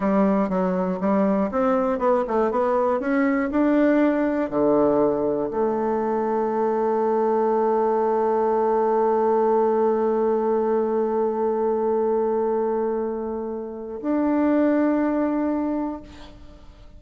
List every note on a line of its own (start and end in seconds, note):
0.00 0.49 G3
0.49 0.99 F#3
1.00 1.50 G3
1.51 1.99 C4
1.99 2.24 B3
2.27 2.51 A3
2.51 3.00 B3
3.00 3.50 C#4
3.51 4.50 D4
4.50 5.50 D3
5.50 14.00 A3
14.01 16.01 D4